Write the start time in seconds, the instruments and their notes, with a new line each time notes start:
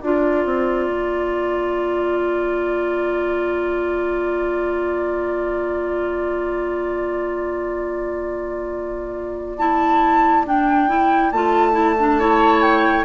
0.00 bassoon D4, clarinet F4, oboe D5, flute A#5
0.45 bassoon C4
0.87 bassoon A#3
9.58 clarinet E4, flute A5
10.46 clarinet D4, flute G5
10.88 clarinet E4
11.31 bassoon A3, clarinet F4, flute A5
11.73 clarinet E4
11.99 clarinet D4
12.18 clarinet E4, oboe C#5
12.61 flute G5